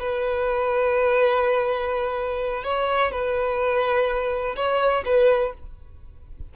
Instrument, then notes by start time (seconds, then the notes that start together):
violin
0.00 B4
2.64 C#5
3.12 B4
4.56 C#5
5.06 B4